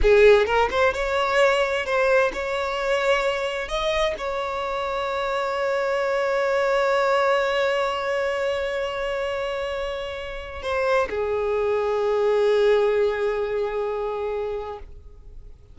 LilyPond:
\new Staff \with { instrumentName = "violin" } { \time 4/4 \tempo 4 = 130 gis'4 ais'8 c''8 cis''2 | c''4 cis''2. | dis''4 cis''2.~ | cis''1~ |
cis''1~ | cis''2. c''4 | gis'1~ | gis'1 | }